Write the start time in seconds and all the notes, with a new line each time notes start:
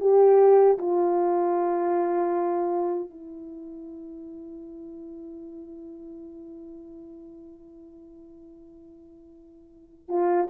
0.00 G4
0.78 F4
3.10 E4
10.09 F4